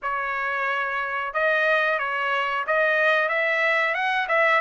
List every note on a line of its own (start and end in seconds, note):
0.02 1.33 C#5
1.33 1.98 D#5
1.98 2.64 C#5
2.66 3.28 D#5
3.28 3.94 E5
3.94 4.27 F#5
4.28 4.61 E5